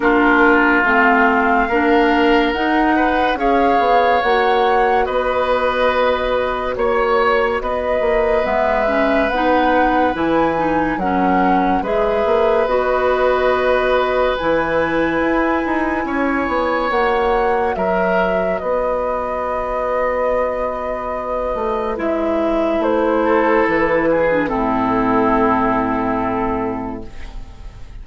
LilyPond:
<<
  \new Staff \with { instrumentName = "flute" } { \time 4/4 \tempo 4 = 71 ais'4 f''2 fis''4 | f''4 fis''4 dis''2 | cis''4 dis''4 e''4 fis''4 | gis''4 fis''4 e''4 dis''4~ |
dis''4 gis''2. | fis''4 e''4 dis''2~ | dis''2 e''4 c''4 | b'4 a'2. | }
  \new Staff \with { instrumentName = "oboe" } { \time 4/4 f'2 ais'4. b'8 | cis''2 b'2 | cis''4 b'2.~ | b'4 ais'4 b'2~ |
b'2. cis''4~ | cis''4 ais'4 b'2~ | b'2.~ b'8 a'8~ | a'8 gis'8 e'2. | }
  \new Staff \with { instrumentName = "clarinet" } { \time 4/4 d'4 c'4 d'4 dis'4 | gis'4 fis'2.~ | fis'2 b8 cis'8 dis'4 | e'8 dis'8 cis'4 gis'4 fis'4~ |
fis'4 e'2. | fis'1~ | fis'2 e'2~ | e'8. d'16 c'2. | }
  \new Staff \with { instrumentName = "bassoon" } { \time 4/4 ais4 a4 ais4 dis'4 | cis'8 b8 ais4 b2 | ais4 b8 ais8 gis4 b4 | e4 fis4 gis8 ais8 b4~ |
b4 e4 e'8 dis'8 cis'8 b8 | ais4 fis4 b2~ | b4. a8 gis4 a4 | e4 a,2. | }
>>